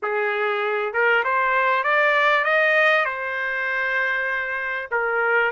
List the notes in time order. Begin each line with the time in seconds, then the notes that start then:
0.02 G#4
0.93 A#4
1.24 C5
1.83 D5
2.44 D#5
3.05 C5
4.91 A#4